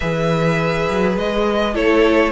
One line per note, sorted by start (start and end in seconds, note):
0.00 0.89 E3
0.00 1.74 G#4
0.00 1.74 B4
0.00 1.17 E5
0.89 1.17 F#3
1.17 1.74 G#3
1.17 1.75 D#5
1.74 2.31 A3
1.74 2.31 E4
1.74 2.31 A4
1.74 2.31 C#5